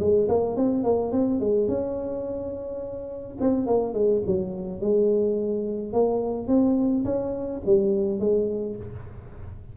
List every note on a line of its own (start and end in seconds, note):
0.00 0.28 G#3
0.29 0.57 A#3
0.57 0.84 C4
0.84 1.12 A#3
1.12 1.40 C4
1.40 1.68 G#3
1.68 3.38 C#4
3.41 3.67 C4
3.67 3.94 A#3
3.94 4.22 G#3
4.27 4.81 F#3
4.81 5.93 G#3
5.93 6.48 A#3
6.48 7.05 C4
7.05 7.62 C#4
7.66 8.20 G3
8.20 8.76 G#3